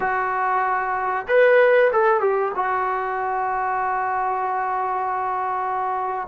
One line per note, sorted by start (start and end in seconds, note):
0.00 1.26 F#4
1.28 1.91 B4
1.92 2.20 A4
2.20 2.51 G4
2.55 6.28 F#4